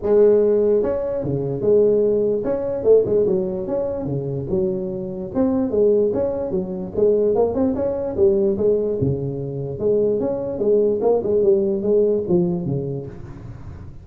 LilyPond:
\new Staff \with { instrumentName = "tuba" } { \time 4/4 \tempo 4 = 147 gis2 cis'4 cis4 | gis2 cis'4 a8 gis8 | fis4 cis'4 cis4 fis4~ | fis4 c'4 gis4 cis'4 |
fis4 gis4 ais8 c'8 cis'4 | g4 gis4 cis2 | gis4 cis'4 gis4 ais8 gis8 | g4 gis4 f4 cis4 | }